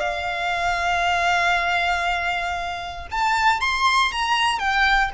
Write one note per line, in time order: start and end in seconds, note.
0.00 3.08 F5
3.11 3.61 A5
3.61 4.12 C6
4.12 4.59 A#5
4.59 5.11 G5